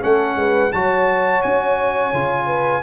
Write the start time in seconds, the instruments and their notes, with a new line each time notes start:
0.00 tuba A3, trombone C#4, horn A4, trumpet F#5
0.36 tuba G#3, horn B4
0.72 tuba F#3, trombone F#4, horn C#5, trumpet A5
1.42 tuba C#4, trumpet G#5
2.13 tuba C#3, trombone F4
2.47 horn B4